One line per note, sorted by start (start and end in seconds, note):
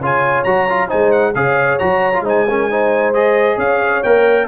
0.00 0.45 C#3
0.00 0.46 F4
0.00 0.88 C#5
0.00 0.44 G#5
0.44 0.90 F#3
0.44 0.68 F#4
0.44 0.89 A#5
0.70 0.89 F4
0.88 1.35 G#3
0.88 1.33 D#4
0.88 1.33 C5
0.88 1.11 G#5
1.11 1.34 F#5
1.35 1.80 C#3
1.35 1.79 G#4
1.35 2.24 C#5
1.35 1.79 F5
1.79 2.21 F#3
1.79 2.13 F#4
1.79 2.24 A#5
2.14 2.25 F4
2.21 3.55 G#3
2.21 2.47 D#4
2.21 2.46 C5
2.28 3.14 G#5
2.48 2.70 C#4
2.48 2.70 A#4
2.70 3.14 D#4
2.70 3.57 C5
3.14 4.03 G#4
3.14 3.58 D#5
3.57 4.02 C#4
3.57 4.46 C#5
3.57 4.03 F5
4.03 4.48 A#3
4.03 4.48 A#4
4.03 4.48 G5